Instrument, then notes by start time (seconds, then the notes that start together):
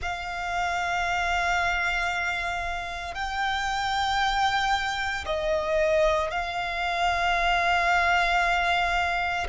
violin
0.01 F5
3.14 G5
5.25 D#5
6.31 F5